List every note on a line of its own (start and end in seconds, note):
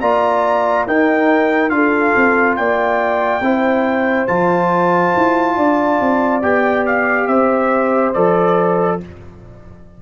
0.00 0.86 A#3
0.00 0.86 F4
0.00 0.86 D5
0.00 0.86 A#5
0.86 1.69 D#4
0.86 1.70 D#4
0.86 1.72 A#4
0.86 1.69 G5
1.69 2.13 D4
1.69 3.41 F4
1.69 2.58 A4
1.69 2.55 F5
2.15 2.57 C4
2.56 3.40 A#3
2.56 3.43 D5
2.56 4.26 G5
3.40 4.26 C4
3.40 4.27 E4
3.40 5.56 C5
4.26 5.14 F3
4.26 6.42 F4
4.26 6.41 A5
5.16 5.56 E4
5.56 5.99 D4
5.56 7.27 D5
5.99 6.42 C4
6.42 7.27 B3
6.42 8.13 G4
6.42 6.85 G5
6.86 7.27 F5
7.27 8.13 C4
7.27 9.00 C5
7.27 8.13 E5
8.13 9.01 F3
8.13 9.00 A4
8.13 8.99 D5